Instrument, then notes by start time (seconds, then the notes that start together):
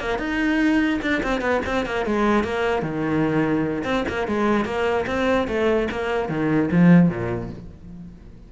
cello
0.00 A#3
0.19 D#4
1.02 D4
1.23 C4
1.41 B3
1.66 C4
1.86 A#3
2.06 G#3
2.44 A#3
2.82 D#3
3.84 C4
4.09 A#3
4.28 G#3
4.65 A#3
5.07 C4
5.48 A3
5.92 A#3
6.29 D#3
6.72 F3
7.09 A#2